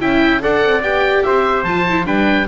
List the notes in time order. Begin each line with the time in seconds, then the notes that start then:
0.00 C#4 E4 E5 G5
0.40 D4 A4 D5 F#5
0.63 C4
0.82 B3 G4 G5
1.23 C4 C5 E5
1.63 F3 F4 A5
1.89 E4
2.05 G3 D4 B4 G5